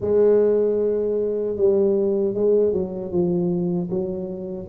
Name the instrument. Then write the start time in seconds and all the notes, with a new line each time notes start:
tuba
0.00 G#3
1.56 G3
2.34 G#3
2.72 F#3
3.11 F3
3.90 F#3